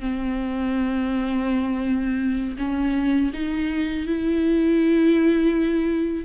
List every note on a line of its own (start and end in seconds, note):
0.00 2.56 C4
2.58 3.31 C#4
3.33 4.06 D#4
4.06 6.24 E4